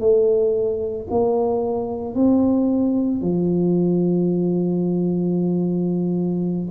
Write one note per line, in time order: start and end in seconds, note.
0.00 1.07 A3
1.11 2.15 A#3
2.15 3.21 C4
3.21 6.70 F3